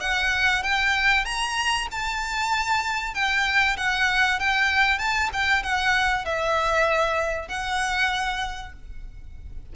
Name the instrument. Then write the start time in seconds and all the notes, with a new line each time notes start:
violin
0.00 F#5
0.62 G5
1.24 A#5
1.91 A5
3.14 G5
3.76 F#5
4.39 G5
4.98 A5
5.33 G5
5.62 F#5
6.25 E5
7.48 F#5